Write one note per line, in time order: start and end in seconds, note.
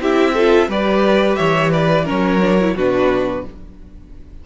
0.00 0.67 C4
0.00 0.35 E4
0.00 0.34 G4
0.00 0.70 E5
0.34 0.69 F4
0.34 0.68 A4
0.67 1.36 G3
0.67 2.05 G4
0.67 1.38 B4
0.67 1.35 D5
1.35 2.08 E3
1.35 1.72 C#5
1.35 1.70 E5
1.72 2.05 B4
1.72 2.07 D5
2.05 2.75 F#3
2.05 2.40 C#4
2.05 2.74 A#4
2.05 2.77 C#5
2.41 2.58 D4
2.60 2.77 E4
2.75 3.44 B2
2.75 3.46 D4
2.75 3.44 F#4
2.75 3.46 B4